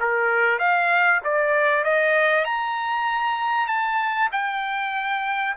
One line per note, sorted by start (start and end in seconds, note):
0.00 0.59 A#4
0.59 1.21 F5
1.24 1.84 D5
1.84 2.45 D#5
2.45 3.67 A#5
3.67 4.29 A5
4.32 5.56 G5